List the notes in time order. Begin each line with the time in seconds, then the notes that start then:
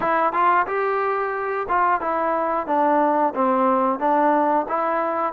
0.00 E4
0.32 F4
0.67 G4
1.68 F4
2.01 E4
2.67 D4
3.35 C4
3.99 D4
4.68 E4